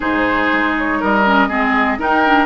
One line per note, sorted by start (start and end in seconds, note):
0.00 0.51 G#2
0.00 1.24 D#4
0.00 0.99 G#4
0.00 0.75 C5
0.52 1.01 G#3
0.78 1.02 C#5
1.00 1.49 G3
1.00 1.48 A#4
1.00 2.01 D#5
1.24 1.49 C#4
1.48 1.98 G#3
1.48 1.98 C4
1.48 1.97 G#4
1.98 2.45 D#4
1.98 2.23 D#4
1.98 2.45 A#4
1.98 2.45 G5
2.24 2.45 D4